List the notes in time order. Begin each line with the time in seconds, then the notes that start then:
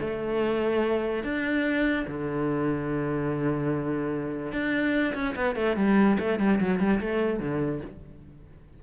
0.00 A3
1.23 D4
2.07 D3
4.52 D4
5.14 C#4
5.35 B3
5.56 A3
5.76 G3
6.19 A3
6.39 G3
6.60 F#3
6.80 G3
7.00 A3
7.40 D3